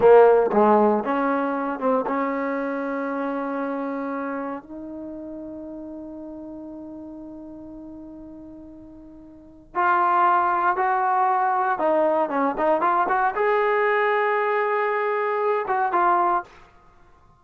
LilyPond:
\new Staff \with { instrumentName = "trombone" } { \time 4/4 \tempo 4 = 117 ais4 gis4 cis'4. c'8 | cis'1~ | cis'4 dis'2.~ | dis'1~ |
dis'2. f'4~ | f'4 fis'2 dis'4 | cis'8 dis'8 f'8 fis'8 gis'2~ | gis'2~ gis'8 fis'8 f'4 | }